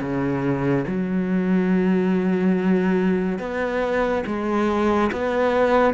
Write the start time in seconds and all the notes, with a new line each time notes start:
0.00 C#3
0.86 F#3
3.38 B3
4.26 G#3
5.12 B3